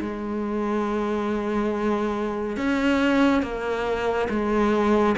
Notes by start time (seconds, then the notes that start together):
0.00 G#3
2.56 C#4
3.42 A#3
4.29 G#3